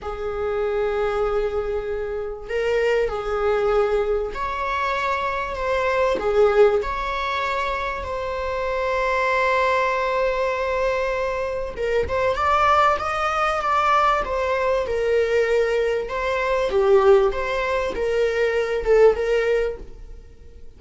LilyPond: \new Staff \with { instrumentName = "viola" } { \time 4/4 \tempo 4 = 97 gis'1 | ais'4 gis'2 cis''4~ | cis''4 c''4 gis'4 cis''4~ | cis''4 c''2.~ |
c''2. ais'8 c''8 | d''4 dis''4 d''4 c''4 | ais'2 c''4 g'4 | c''4 ais'4. a'8 ais'4 | }